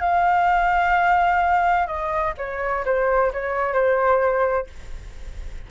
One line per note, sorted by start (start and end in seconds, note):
0.00 1.87 F5
1.87 2.34 D#5
2.38 2.85 C#5
2.85 3.32 C5
3.33 3.73 C#5
3.73 4.67 C5